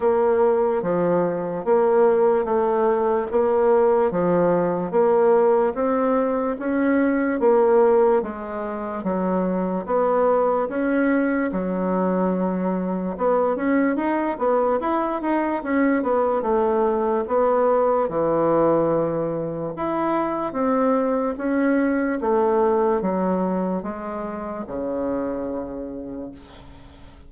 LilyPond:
\new Staff \with { instrumentName = "bassoon" } { \time 4/4 \tempo 4 = 73 ais4 f4 ais4 a4 | ais4 f4 ais4 c'4 | cis'4 ais4 gis4 fis4 | b4 cis'4 fis2 |
b8 cis'8 dis'8 b8 e'8 dis'8 cis'8 b8 | a4 b4 e2 | e'4 c'4 cis'4 a4 | fis4 gis4 cis2 | }